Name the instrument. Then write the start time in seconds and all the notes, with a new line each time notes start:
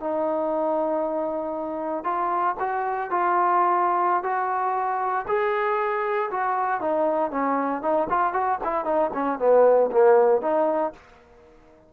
trombone
0.00 D#4
2.04 F4
2.59 F#4
3.10 F4
4.23 F#4
5.27 G#4
6.30 F#4
6.80 D#4
7.31 C#4
7.82 D#4
8.10 F4
8.33 F#4
8.64 E4
8.84 D#4
9.14 C#4
9.39 B3
9.91 A#3
10.41 D#4